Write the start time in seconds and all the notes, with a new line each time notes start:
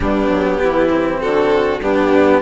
0.00 G3 B3 D4 G4
0.29 F#3
0.62 E3 E4
0.89 C4
1.20 D3 F#4 A4
1.80 G2 B3 D4 G4